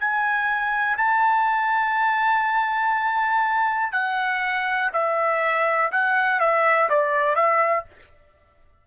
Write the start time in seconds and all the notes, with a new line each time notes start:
0.00 G#5
0.98 A5
3.93 F#5
4.93 E5
5.92 F#5
6.40 E5
6.90 D5
7.36 E5